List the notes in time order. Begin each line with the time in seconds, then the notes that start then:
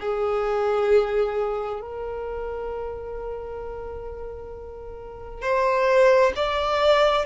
0.00 G#4
1.81 A#4
5.42 C5
6.36 D5